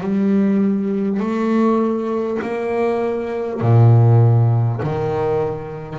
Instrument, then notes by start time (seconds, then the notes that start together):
double bass
0.00 G3
1.19 A3
2.42 A#3
3.60 A#2
4.82 D#3